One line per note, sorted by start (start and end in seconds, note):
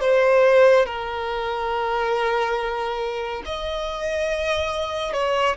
0.00 0.85 C5
0.85 3.42 A#4
3.45 5.13 D#5
5.13 5.56 C#5